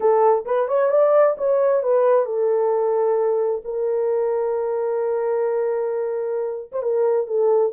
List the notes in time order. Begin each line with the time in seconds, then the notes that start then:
0.00 A4
0.45 B4
0.68 C#5
0.90 D5
1.37 C#5
1.82 B4
2.25 A4
3.64 A#4
6.71 C5
6.82 A#4
7.26 A4